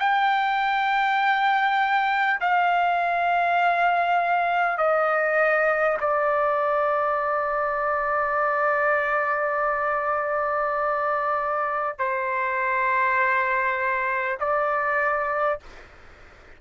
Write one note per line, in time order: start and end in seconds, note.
0.00 2.40 G5
2.41 4.78 F5
4.78 5.98 D#5
6.01 11.99 D5
11.99 14.39 C5
14.39 15.59 D5